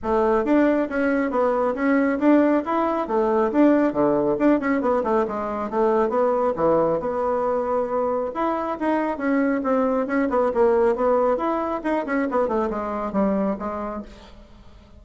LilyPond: \new Staff \with { instrumentName = "bassoon" } { \time 4/4 \tempo 4 = 137 a4 d'4 cis'4 b4 | cis'4 d'4 e'4 a4 | d'4 d4 d'8 cis'8 b8 a8 | gis4 a4 b4 e4 |
b2. e'4 | dis'4 cis'4 c'4 cis'8 b8 | ais4 b4 e'4 dis'8 cis'8 | b8 a8 gis4 g4 gis4 | }